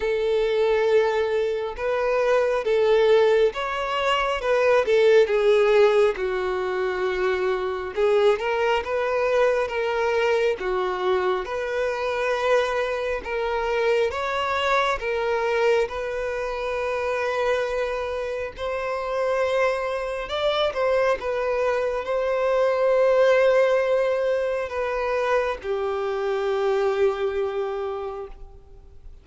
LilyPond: \new Staff \with { instrumentName = "violin" } { \time 4/4 \tempo 4 = 68 a'2 b'4 a'4 | cis''4 b'8 a'8 gis'4 fis'4~ | fis'4 gis'8 ais'8 b'4 ais'4 | fis'4 b'2 ais'4 |
cis''4 ais'4 b'2~ | b'4 c''2 d''8 c''8 | b'4 c''2. | b'4 g'2. | }